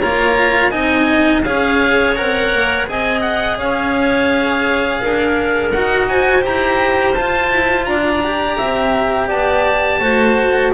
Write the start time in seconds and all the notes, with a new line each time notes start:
0.00 A#3 F4 C#5 A#5
0.71 C4 D#4 D#5 G#5
1.44 C#4 G#4 C#5 F5
2.16 C4 A#4 F#5
2.54 A#3
2.86 C4 G#4 D#5 G#5
3.22 F#5
3.58 C#4 C#5 F5
5.01 D4 A#4
5.71 D#4 F#4 F#5
6.09 C5 G#5
6.42 E4 G4 A#5
7.15 F4 A5
7.52 E4
7.85 D4 D5 A#5
8.24 G4
8.57 C4 E5
9.28 B3 D5 A5
10.00 A3 F#4 C5